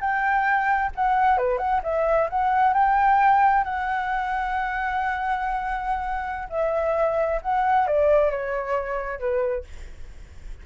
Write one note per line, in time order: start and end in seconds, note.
0.00 0.91 G5
0.95 1.37 F#5
1.37 1.58 B4
1.58 1.80 F#5
1.83 2.28 E5
2.29 2.73 F#5
2.73 3.63 G5
3.63 6.48 F#5
6.49 7.40 E5
7.42 7.87 F#5
7.87 8.30 D5
8.30 9.19 C#5
9.19 9.64 B4